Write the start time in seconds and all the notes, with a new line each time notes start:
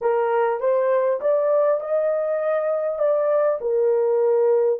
0.01 A#4
0.59 C5
1.20 D5
1.80 D#5
2.98 D5
3.60 A#4